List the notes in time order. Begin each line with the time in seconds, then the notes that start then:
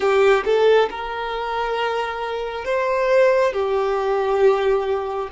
0.00 G4
0.45 A4
0.89 A#4
2.65 C5
3.53 G4